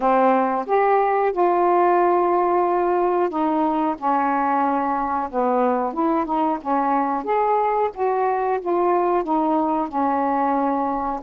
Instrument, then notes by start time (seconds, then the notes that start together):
saxophone
0.00 C4
0.66 G4
1.32 F4
3.29 D#4
3.97 C#4
5.30 B3
5.93 E4
6.25 D#4
6.61 C#4
7.24 G#4
7.94 F#4
8.60 F4
9.23 D#4
9.88 C#4